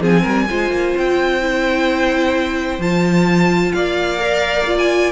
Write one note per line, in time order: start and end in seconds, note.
0.00 0.23 F3
0.00 0.47 C4
0.00 0.21 G#4
0.00 0.97 G#5
0.21 0.48 G3
0.21 0.45 A#4
0.50 0.70 G#3
0.50 1.40 F4
0.50 3.75 C5
0.70 0.94 A#3
0.96 2.79 C4
0.96 2.81 G5
1.40 2.80 E4
2.79 3.72 F3
2.79 4.19 F4
2.79 3.72 A5
3.72 5.12 A#3
3.72 5.12 D5
3.72 4.77 F5
4.19 4.65 A#4
4.66 5.12 F4
4.78 5.12 G#5